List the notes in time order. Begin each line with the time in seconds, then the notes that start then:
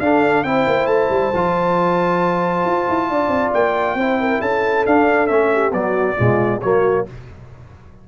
0.00 D4 A4 F5
0.44 C4 E4 C5 G5
0.67 A#3
0.87 A3 A5
1.10 G3
1.34 F3 F4
2.65 F4
2.89 E4
3.10 D4 D5
3.28 C4
3.54 A#3 G5
3.95 C4 E4 C5
4.20 A#4
4.41 C#4 A4 A5
4.86 D4 F5
5.27 A3 C#4 E5
5.53 G4
5.71 F#3 B3 F#4 D5
6.17 B2 G#3 F4
6.61 F#3 A#3 F#4 C#5